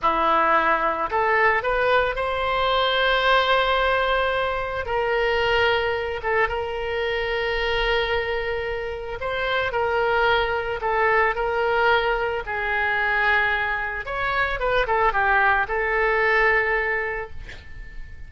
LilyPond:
\new Staff \with { instrumentName = "oboe" } { \time 4/4 \tempo 4 = 111 e'2 a'4 b'4 | c''1~ | c''4 ais'2~ ais'8 a'8 | ais'1~ |
ais'4 c''4 ais'2 | a'4 ais'2 gis'4~ | gis'2 cis''4 b'8 a'8 | g'4 a'2. | }